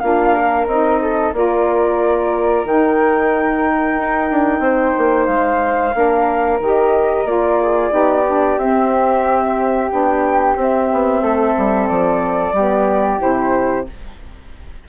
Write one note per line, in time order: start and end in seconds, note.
0.00 0.67 A#3
0.00 0.69 D4
0.00 0.34 F4
0.00 0.66 F5
0.34 1.00 A#4
0.67 1.33 C4
0.67 1.35 D#4
0.67 1.33 D#5
1.02 1.35 A4
1.33 2.65 A#3
1.33 2.66 F4
1.33 4.63 A#4
1.33 2.67 D5
2.65 3.97 D#3
2.65 5.94 D#4
2.65 5.27 G5
3.97 4.30 D#4
4.31 4.60 D4
4.60 4.93 C4
4.60 5.95 C5
4.98 5.28 A#3
5.27 5.94 G#3
5.27 6.59 F5
5.94 6.60 A#3
5.94 6.60 D4
5.94 7.62 A#4
6.60 7.25 D#3
6.60 7.26 G4
6.60 7.27 D#5
7.25 7.91 A#3
7.25 7.91 F4
7.25 8.59 D5
7.62 7.94 G#4
7.91 8.58 B3
7.91 8.24 D#4
7.91 11.22 G4
8.27 8.60 D4
8.58 9.90 C4
8.58 9.91 C4
8.58 9.91 E5
9.91 10.56 B3
9.91 10.56 D4
9.91 10.57 G5
10.56 12.54 C4
10.56 10.89 C4
10.56 11.89 E5
10.93 11.22 B3
11.22 11.55 A3
11.22 12.54 A4
11.58 11.90 G3
11.89 12.53 F3
11.89 13.20 D5
12.53 13.19 G3
12.53 13.19 B3
12.53 13.87 G4
13.19 13.89 C3
13.19 13.85 E4
13.19 13.87 C5